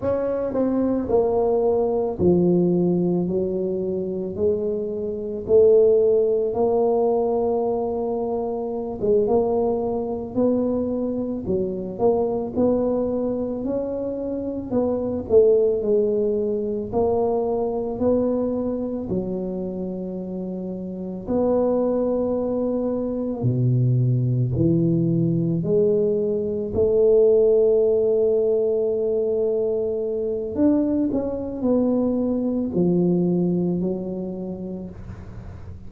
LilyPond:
\new Staff \with { instrumentName = "tuba" } { \time 4/4 \tempo 4 = 55 cis'8 c'8 ais4 f4 fis4 | gis4 a4 ais2~ | ais16 gis16 ais4 b4 fis8 ais8 b8~ | b8 cis'4 b8 a8 gis4 ais8~ |
ais8 b4 fis2 b8~ | b4. b,4 e4 gis8~ | gis8 a2.~ a8 | d'8 cis'8 b4 f4 fis4 | }